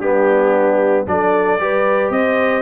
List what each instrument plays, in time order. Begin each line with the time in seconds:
0.00 tuba G3, trombone B3, horn D4, trumpet G4
1.06 tuba F#3, trombone D4, horn A4, trumpet D5
1.59 tuba G3, trombone G4, horn B4
2.10 tuba C4, horn C5, trumpet D#5